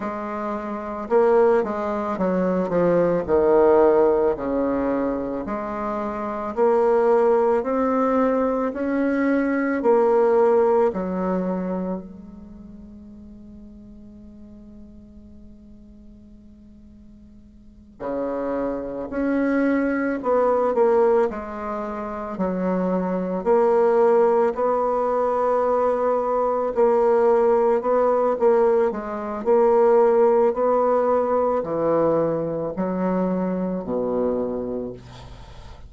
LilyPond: \new Staff \with { instrumentName = "bassoon" } { \time 4/4 \tempo 4 = 55 gis4 ais8 gis8 fis8 f8 dis4 | cis4 gis4 ais4 c'4 | cis'4 ais4 fis4 gis4~ | gis1~ |
gis8 cis4 cis'4 b8 ais8 gis8~ | gis8 fis4 ais4 b4.~ | b8 ais4 b8 ais8 gis8 ais4 | b4 e4 fis4 b,4 | }